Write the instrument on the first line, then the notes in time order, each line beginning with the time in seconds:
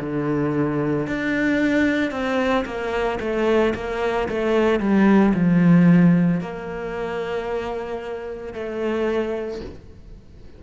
cello
0.00 D3
1.07 D4
2.11 C4
2.65 A#3
3.20 A3
3.75 A#3
4.29 A3
4.80 G3
5.34 F3
6.40 A#3
8.53 A3